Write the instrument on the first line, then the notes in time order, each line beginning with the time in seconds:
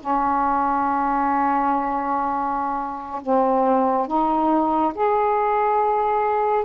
saxophone
0.00 C#4
3.22 C4
4.08 D#4
4.94 G#4